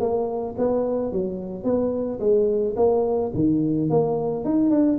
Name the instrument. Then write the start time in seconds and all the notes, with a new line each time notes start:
tuba
0.00 A#3
0.58 B3
1.12 F#3
1.64 B3
2.20 G#3
2.76 A#3
3.34 D#3
3.90 A#3
4.45 D#4
4.70 D4